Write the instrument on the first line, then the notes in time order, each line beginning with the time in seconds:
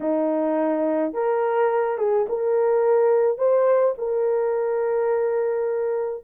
horn
0.00 D#4
1.13 A#4
1.98 G#4
2.28 A#4
3.38 C5
3.98 A#4